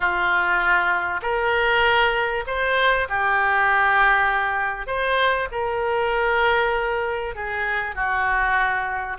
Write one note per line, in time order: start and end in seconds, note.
0.00 1.20 F4
1.21 2.44 A#4
2.46 3.08 C5
3.08 4.86 G4
4.86 5.48 C5
5.51 7.35 A#4
7.35 7.95 G#4
7.95 9.17 F#4